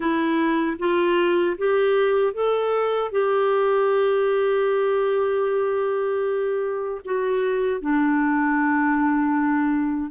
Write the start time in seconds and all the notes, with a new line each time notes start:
0.00 E4
0.78 F4
1.57 G4
2.33 A4
3.11 G4
7.04 F#4
7.81 D4